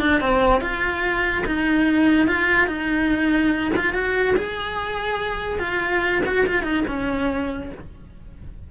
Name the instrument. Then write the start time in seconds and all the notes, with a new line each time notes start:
cello
0.00 D4
0.21 C4
0.61 F4
1.46 D#4
2.27 F4
2.67 D#4
3.76 F4
3.93 F#4
4.36 G#4
5.59 F4
6.25 F#4
6.47 F4
6.63 D#4
6.88 C#4